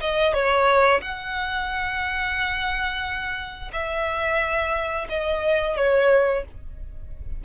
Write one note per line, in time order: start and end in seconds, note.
0.00 0.33 D#5
0.33 1.01 C#5
1.01 3.71 F#5
3.72 5.07 E5
5.09 5.76 D#5
5.77 6.44 C#5